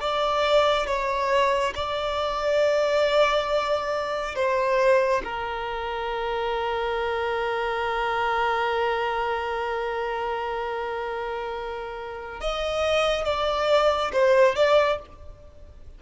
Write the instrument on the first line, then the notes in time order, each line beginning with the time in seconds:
violin
0.00 D5
0.87 C#5
1.75 D5
4.35 C5
5.24 A#4
12.41 D#5
13.25 D5
14.13 C5
14.55 D5